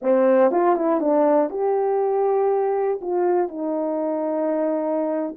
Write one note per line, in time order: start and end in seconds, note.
0.02 0.51 C4
0.51 0.75 F4
0.75 1.00 E4
1.00 1.50 D4
1.50 3.00 G4
3.01 3.48 F4
3.48 5.35 D#4